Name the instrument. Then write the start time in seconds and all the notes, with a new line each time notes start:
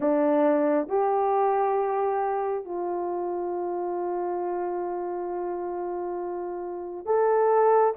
horn
0.00 D4
0.88 G4
2.65 F4
7.05 A4